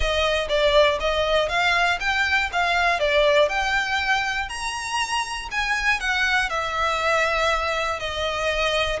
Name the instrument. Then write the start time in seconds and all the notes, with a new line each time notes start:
violin
0.00 D#5
0.48 D5
1.00 D#5
1.48 F5
2.00 G5
2.52 F5
2.99 D5
3.48 G5
4.49 A#5
5.51 G#5
6.00 F#5
6.49 E5
7.99 D#5